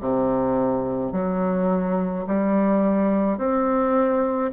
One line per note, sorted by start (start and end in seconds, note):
0.00 1.12 C3
1.12 2.25 F#3
2.27 3.38 G3
3.38 4.51 C4